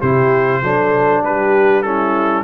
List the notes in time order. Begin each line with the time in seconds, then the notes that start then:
0.00 C3 E4 G4 C5
0.62 F#3 D4 A4
1.23 G3 G4 B4
1.82 C#4 E4 A4